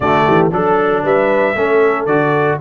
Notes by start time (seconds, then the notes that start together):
0.00 D3 A3 F#4 D5
0.24 E3 G4
0.51 F#3 D4 A4
1.03 G3 B4 E5
1.55 A3 C#4 A4
2.06 D3 F#4 D5